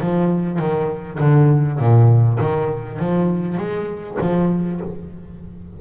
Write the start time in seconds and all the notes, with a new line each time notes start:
0.00 F3
0.59 D#3
1.20 D3
1.79 A#2
2.41 D#3
2.99 F3
3.57 G#3
4.21 F3